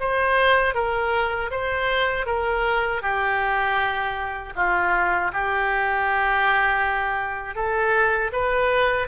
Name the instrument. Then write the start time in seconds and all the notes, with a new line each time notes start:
oboe
0.00 C5
0.75 A#4
1.51 C5
2.26 A#4
3.02 G4
4.56 F4
5.33 G4
7.55 A4
8.33 B4